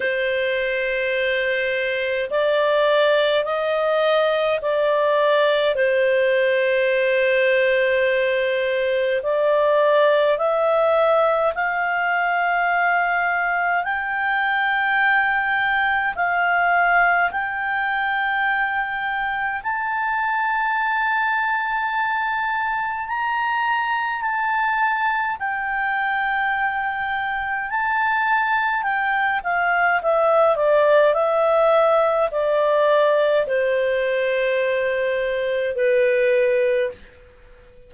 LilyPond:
\new Staff \with { instrumentName = "clarinet" } { \time 4/4 \tempo 4 = 52 c''2 d''4 dis''4 | d''4 c''2. | d''4 e''4 f''2 | g''2 f''4 g''4~ |
g''4 a''2. | ais''4 a''4 g''2 | a''4 g''8 f''8 e''8 d''8 e''4 | d''4 c''2 b'4 | }